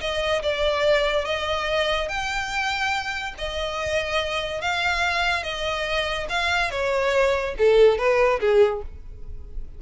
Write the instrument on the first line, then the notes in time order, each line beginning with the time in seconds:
violin
0.00 D#5
0.42 D5
1.25 D#5
2.08 G5
3.38 D#5
4.61 F5
5.43 D#5
6.29 F5
6.71 C#5
7.58 A4
7.98 B4
8.40 G#4